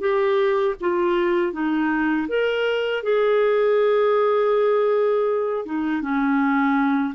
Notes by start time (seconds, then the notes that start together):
0.00 G4
0.81 F4
1.52 D#4
2.28 A#4
3.03 G#4
5.65 D#4
6.02 C#4